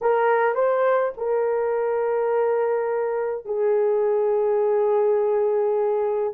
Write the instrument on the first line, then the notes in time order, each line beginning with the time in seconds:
horn
0.01 A#4
0.54 C5
1.17 A#4
3.45 G#4